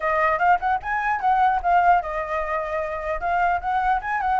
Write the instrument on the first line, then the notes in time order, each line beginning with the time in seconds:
flute
0.00 D#5
0.38 F5
0.59 F#5
0.82 G#5
1.20 F#5
1.62 F5
2.02 D#5
3.20 F5
3.61 F#5
4.01 G#5
4.21 F#5